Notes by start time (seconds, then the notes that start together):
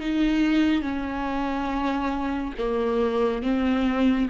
0.00 D#4
0.82 C#4
2.58 A#3
3.42 C4